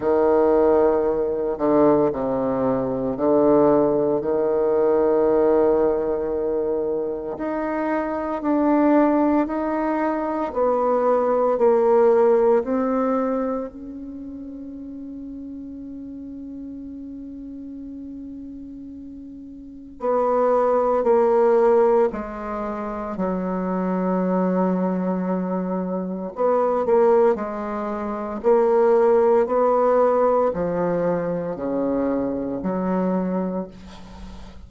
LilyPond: \new Staff \with { instrumentName = "bassoon" } { \time 4/4 \tempo 4 = 57 dis4. d8 c4 d4 | dis2. dis'4 | d'4 dis'4 b4 ais4 | c'4 cis'2.~ |
cis'2. b4 | ais4 gis4 fis2~ | fis4 b8 ais8 gis4 ais4 | b4 f4 cis4 fis4 | }